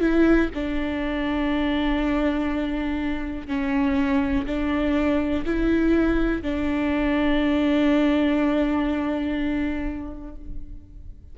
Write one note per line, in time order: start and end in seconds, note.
0.00 0.49 E4
0.54 3.47 D4
3.47 4.46 C#4
4.46 5.45 D4
5.45 6.42 E4
6.42 10.35 D4